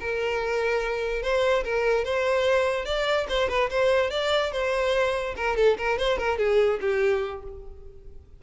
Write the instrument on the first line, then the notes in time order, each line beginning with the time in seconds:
violin
0.00 A#4
1.22 C5
1.64 A#4
2.04 C5
2.85 D5
3.29 C5
3.49 B4
3.70 C5
4.10 D5
4.52 C5
5.36 A#4
5.56 A4
5.77 A#4
5.98 C5
6.18 A#4
6.38 G#4
6.81 G4